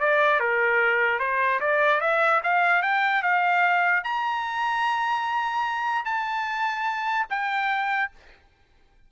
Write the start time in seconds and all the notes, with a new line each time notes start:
0.00 D5
0.40 A#4
1.20 C5
1.60 D5
2.01 E5
2.43 F5
2.82 G5
3.23 F5
4.04 A#5
6.05 A5
7.30 G5